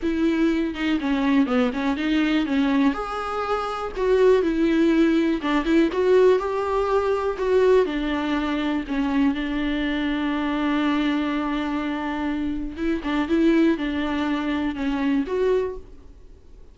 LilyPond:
\new Staff \with { instrumentName = "viola" } { \time 4/4 \tempo 4 = 122 e'4. dis'8 cis'4 b8 cis'8 | dis'4 cis'4 gis'2 | fis'4 e'2 d'8 e'8 | fis'4 g'2 fis'4 |
d'2 cis'4 d'4~ | d'1~ | d'2 e'8 d'8 e'4 | d'2 cis'4 fis'4 | }